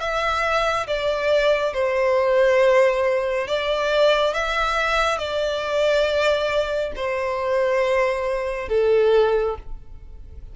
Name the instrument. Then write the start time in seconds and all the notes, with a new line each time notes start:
violin
0.00 E5
0.87 D5
1.74 C5
3.48 D5
4.34 E5
5.19 D5
6.96 C5
8.69 A4